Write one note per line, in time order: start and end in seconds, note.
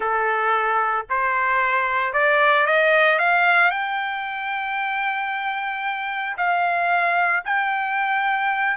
0.00 1.06 A4
1.09 2.13 C5
2.13 2.66 D5
2.66 3.19 D#5
3.19 3.70 F5
3.70 6.36 G5
6.37 7.43 F5
7.44 8.77 G5